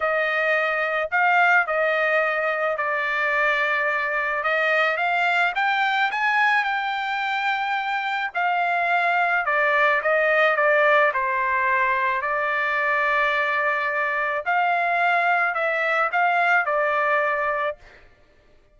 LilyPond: \new Staff \with { instrumentName = "trumpet" } { \time 4/4 \tempo 4 = 108 dis''2 f''4 dis''4~ | dis''4 d''2. | dis''4 f''4 g''4 gis''4 | g''2. f''4~ |
f''4 d''4 dis''4 d''4 | c''2 d''2~ | d''2 f''2 | e''4 f''4 d''2 | }